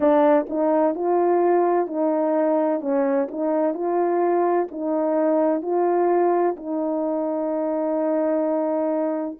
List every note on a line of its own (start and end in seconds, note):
0.00 0.46 D4
0.49 0.94 D#4
0.94 1.87 F4
1.87 2.80 D#4
2.80 3.27 C#4
3.31 3.73 D#4
3.73 4.67 F4
4.71 5.62 D#4
5.62 6.55 F4
6.56 9.37 D#4